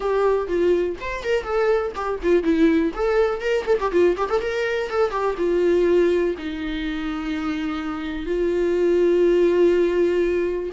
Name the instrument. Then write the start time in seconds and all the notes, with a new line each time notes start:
viola
0.00 G4
0.47 F4
1.00 C5
1.23 A#4
1.43 A4
1.95 G4
2.22 F4
2.43 E4
2.94 A4
3.40 A#4
3.66 A4
3.80 G4
3.91 F4
4.17 G4
4.29 A4
4.40 A#4
4.89 A4
5.11 G4
5.37 F4
6.37 D#4
8.26 F4